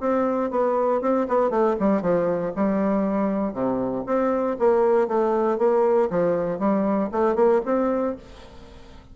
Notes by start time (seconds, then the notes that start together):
0.00 C4
0.51 B3
1.01 C4
1.28 B3
1.50 A3
1.80 G3
2.02 F3
2.56 G3
3.53 C3
4.06 C4
4.59 A#3
5.08 A3
5.58 A#3
6.10 F3
6.59 G3
7.12 A3
7.35 A#3
7.65 C4